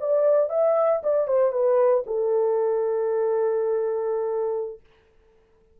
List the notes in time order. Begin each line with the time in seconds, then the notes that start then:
0.00 D5
0.50 E5
1.03 D5
1.28 C5
1.52 B4
2.06 A4